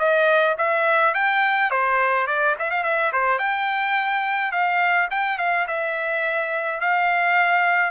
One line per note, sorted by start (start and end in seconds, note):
0.00 0.57 D#5
0.58 1.14 E5
1.14 1.71 G5
1.71 2.27 C5
2.27 2.56 D5
2.59 2.71 E5
2.71 2.84 F5
2.84 3.12 E5
3.13 3.39 C5
3.39 4.52 G5
4.52 5.09 F5
5.11 5.39 G5
5.39 5.67 F5
5.68 6.81 E5
6.81 7.91 F5